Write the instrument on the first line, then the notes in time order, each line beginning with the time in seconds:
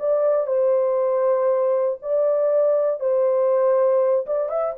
horn
0.00 D5
0.47 C5
2.02 D5
3.00 C5
4.27 D5
4.50 E5